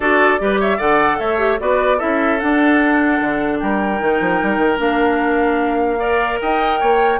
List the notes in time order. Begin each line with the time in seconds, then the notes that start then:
0.00 D4 F#4 A4 D5
0.38 G3 G4 B4
0.60 C#5 E5
0.77 D3 A4 D5 F#5
1.19 A3 C#5 E5
1.38 G4
1.59 B3 F#4 B4 D5
1.97 C#4 E4 A4 E5
2.39 D4 F#5
3.20 D3
3.59 G3 A#4 G5
3.98 D#3 D#4
4.20 F3
4.42 G3
4.57 D#3
4.77 A#3 D4 F5
5.99 A#4 D5
6.41 D#4 D#5 G5
6.80 A#3 C#5